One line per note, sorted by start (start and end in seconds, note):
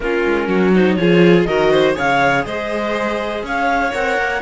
0.00 0.24 A#3
0.00 0.74 C#4
0.00 0.46 F4
0.00 0.73 A#4
0.26 0.47 G#3
0.46 0.96 F#3
0.46 0.95 F#4
0.74 0.99 D#4
0.74 0.95 C5
0.95 1.45 F3
0.95 1.47 F4
0.95 1.47 G#4
0.95 1.44 C#5
1.44 1.96 D#3
1.44 1.94 F#4
1.44 1.70 A#4
1.44 1.94 D#5
1.70 1.95 C5
1.94 2.45 C#3
1.94 3.91 G#4
1.94 2.44 C#5
1.94 2.45 F5
2.45 3.42 G#3
2.45 3.44 C5
2.45 3.43 D#5
3.42 3.92 C#4
3.42 4.42 C#5
3.42 3.94 F5
3.93 4.17 C4
3.93 4.42 A#4
3.93 4.42 F#5
4.17 4.42 A#3